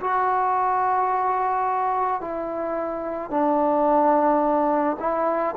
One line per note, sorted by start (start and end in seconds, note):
0.00 2.21 F#4
2.21 3.30 E4
3.30 4.97 D4
4.99 5.55 E4